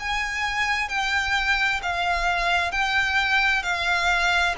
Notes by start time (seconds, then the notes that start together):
0.00 G#5
0.89 G5
1.83 F5
2.72 G5
3.63 F5